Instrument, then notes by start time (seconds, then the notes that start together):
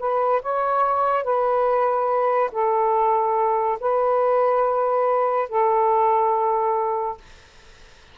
saxophone
0.00 B4
0.42 C#5
1.24 B4
2.52 A4
3.81 B4
5.49 A4